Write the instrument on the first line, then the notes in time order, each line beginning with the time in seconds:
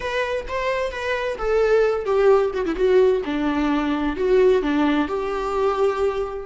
viola
0.00 B4
0.48 C5
0.91 B4
1.38 A4
2.05 G4
2.53 F#4
2.65 E4
2.75 F#4
3.25 D4
4.16 F#4
4.62 D4
5.08 G4